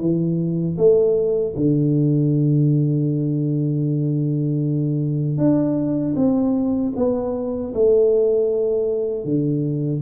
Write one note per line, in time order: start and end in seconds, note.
0.00 0.77 E3
0.78 1.55 A3
1.56 5.38 D3
5.38 6.15 D4
6.16 6.93 C4
6.96 7.73 B3
7.74 9.24 A3
9.24 10.01 D3